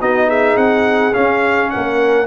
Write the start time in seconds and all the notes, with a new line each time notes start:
0.00 B3 D#4 F#4 D#5
0.27 G#4 E5
0.56 C4 F#5
1.13 C#4 F5
1.70 A#3 A#4 F#5